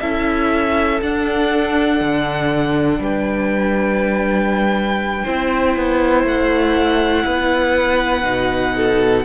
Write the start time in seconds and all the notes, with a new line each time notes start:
0.00 C#4 E4 A4 E5
1.01 D4 F#5
2.00 D3
2.99 G3 B4 G5
5.24 C4 E4 C5
5.76 B3
6.24 A3 F#5
7.25 B3 B4
8.23 B2 D#4
8.76 A4